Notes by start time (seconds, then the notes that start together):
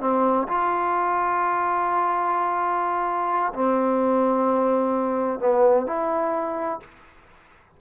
0.00 C4
0.48 F4
3.53 C4
5.39 B3
5.86 E4